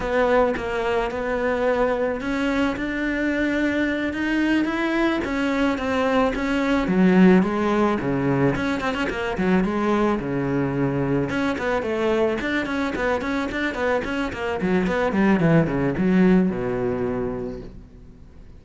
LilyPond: \new Staff \with { instrumentName = "cello" } { \time 4/4 \tempo 4 = 109 b4 ais4 b2 | cis'4 d'2~ d'8 dis'8~ | dis'8 e'4 cis'4 c'4 cis'8~ | cis'8 fis4 gis4 cis4 cis'8 |
c'16 cis'16 ais8 fis8 gis4 cis4.~ | cis8 cis'8 b8 a4 d'8 cis'8 b8 | cis'8 d'8 b8 cis'8 ais8 fis8 b8 g8 | e8 cis8 fis4 b,2 | }